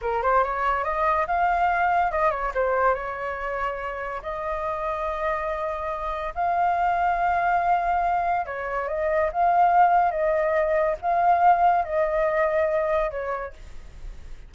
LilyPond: \new Staff \with { instrumentName = "flute" } { \time 4/4 \tempo 4 = 142 ais'8 c''8 cis''4 dis''4 f''4~ | f''4 dis''8 cis''8 c''4 cis''4~ | cis''2 dis''2~ | dis''2. f''4~ |
f''1 | cis''4 dis''4 f''2 | dis''2 f''2 | dis''2. cis''4 | }